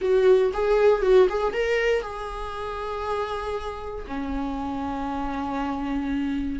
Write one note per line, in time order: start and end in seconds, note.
0.01 0.52 F#4
0.53 1.02 G#4
1.02 1.27 F#4
1.29 1.53 G#4
1.53 2.02 A#4
2.02 4.05 G#4
4.07 6.59 C#4